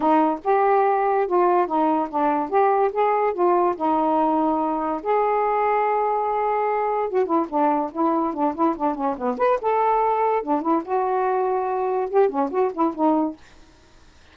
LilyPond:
\new Staff \with { instrumentName = "saxophone" } { \time 4/4 \tempo 4 = 144 dis'4 g'2 f'4 | dis'4 d'4 g'4 gis'4 | f'4 dis'2. | gis'1~ |
gis'4 fis'8 e'8 d'4 e'4 | d'8 e'8 d'8 cis'8 b8 b'8 a'4~ | a'4 d'8 e'8 fis'2~ | fis'4 g'8 cis'8 fis'8 e'8 dis'4 | }